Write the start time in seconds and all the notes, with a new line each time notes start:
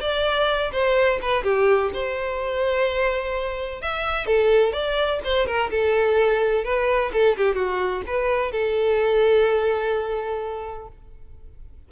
0.00 D5
0.72 C5
1.21 B4
1.43 G4
1.93 C5
3.81 E5
4.26 A4
4.72 D5
5.24 C5
5.46 A#4
5.70 A4
6.64 B4
7.12 A4
7.36 G4
7.55 F#4
8.06 B4
8.51 A4